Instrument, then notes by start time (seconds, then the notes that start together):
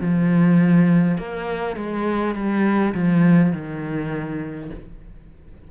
cello
0.00 F3
1.18 A#3
1.76 G#3
2.35 G3
2.94 F3
3.52 D#3